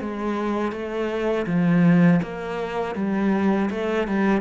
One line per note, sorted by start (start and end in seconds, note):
0.00 0.72 G#3
0.72 1.46 A3
1.46 2.20 F3
2.22 2.95 A#3
2.95 3.69 G3
3.70 4.07 A3
4.07 4.41 G3